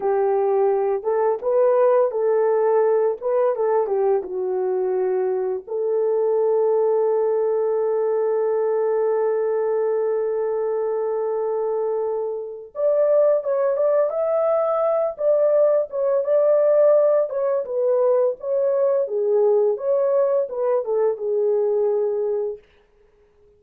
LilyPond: \new Staff \with { instrumentName = "horn" } { \time 4/4 \tempo 4 = 85 g'4. a'8 b'4 a'4~ | a'8 b'8 a'8 g'8 fis'2 | a'1~ | a'1~ |
a'2 d''4 cis''8 d''8 | e''4. d''4 cis''8 d''4~ | d''8 cis''8 b'4 cis''4 gis'4 | cis''4 b'8 a'8 gis'2 | }